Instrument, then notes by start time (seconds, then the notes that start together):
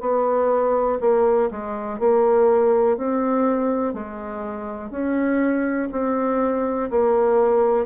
bassoon
0.00 B3
1.00 A#3
1.51 G#3
1.99 A#3
2.97 C4
3.93 G#3
4.90 C#4
5.91 C4
6.90 A#3